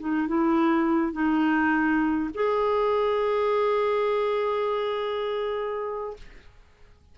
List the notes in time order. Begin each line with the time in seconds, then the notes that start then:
0.00 D#4
0.28 E4
1.13 D#4
2.35 G#4